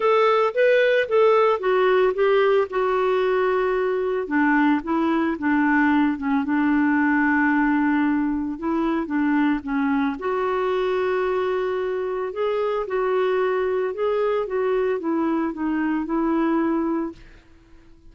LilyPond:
\new Staff \with { instrumentName = "clarinet" } { \time 4/4 \tempo 4 = 112 a'4 b'4 a'4 fis'4 | g'4 fis'2. | d'4 e'4 d'4. cis'8 | d'1 |
e'4 d'4 cis'4 fis'4~ | fis'2. gis'4 | fis'2 gis'4 fis'4 | e'4 dis'4 e'2 | }